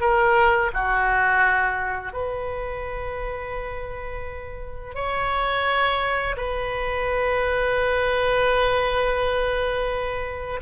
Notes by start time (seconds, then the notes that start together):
0.00 A#4
0.73 F#4
2.12 B4
4.94 C#5
6.36 B4